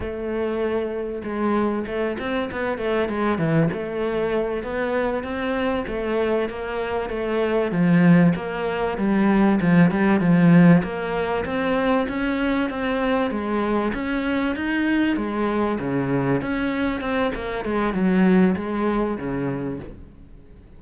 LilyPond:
\new Staff \with { instrumentName = "cello" } { \time 4/4 \tempo 4 = 97 a2 gis4 a8 c'8 | b8 a8 gis8 e8 a4. b8~ | b8 c'4 a4 ais4 a8~ | a8 f4 ais4 g4 f8 |
g8 f4 ais4 c'4 cis'8~ | cis'8 c'4 gis4 cis'4 dis'8~ | dis'8 gis4 cis4 cis'4 c'8 | ais8 gis8 fis4 gis4 cis4 | }